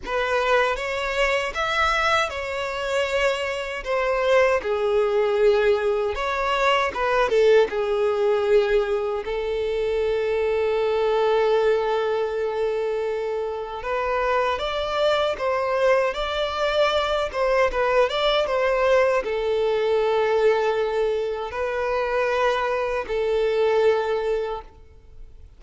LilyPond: \new Staff \with { instrumentName = "violin" } { \time 4/4 \tempo 4 = 78 b'4 cis''4 e''4 cis''4~ | cis''4 c''4 gis'2 | cis''4 b'8 a'8 gis'2 | a'1~ |
a'2 b'4 d''4 | c''4 d''4. c''8 b'8 d''8 | c''4 a'2. | b'2 a'2 | }